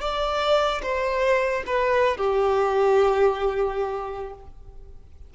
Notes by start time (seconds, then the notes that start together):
0.00 D5
0.82 C5
1.66 B4
2.17 G4